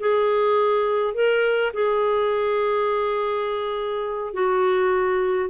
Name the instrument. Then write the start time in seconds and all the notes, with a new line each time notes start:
clarinet
0.00 G#4
1.14 A#4
1.74 G#4
4.34 F#4